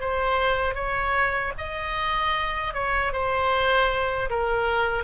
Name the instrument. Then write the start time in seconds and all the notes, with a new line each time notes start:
oboe
0.00 C5
0.75 C#5
1.58 D#5
2.74 C#5
3.13 C5
4.30 A#4